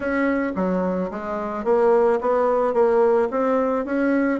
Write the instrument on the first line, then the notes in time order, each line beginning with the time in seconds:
bassoon
0.00 C#4
0.55 F#3
1.10 G#3
1.64 A#3
2.20 B3
2.73 A#3
3.30 C4
3.85 C#4